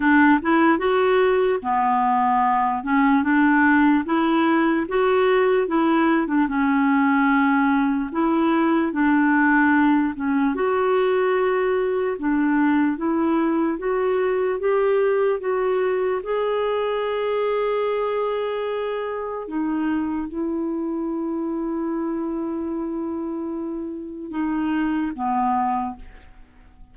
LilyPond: \new Staff \with { instrumentName = "clarinet" } { \time 4/4 \tempo 4 = 74 d'8 e'8 fis'4 b4. cis'8 | d'4 e'4 fis'4 e'8. d'16 | cis'2 e'4 d'4~ | d'8 cis'8 fis'2 d'4 |
e'4 fis'4 g'4 fis'4 | gis'1 | dis'4 e'2.~ | e'2 dis'4 b4 | }